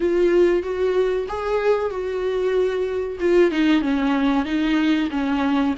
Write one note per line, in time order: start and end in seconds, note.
0.00 0.62 F4
0.62 1.26 F#4
1.28 1.90 G#4
1.90 3.18 F#4
3.20 3.51 F4
3.51 3.81 D#4
3.81 4.45 C#4
4.45 5.09 D#4
5.10 5.74 C#4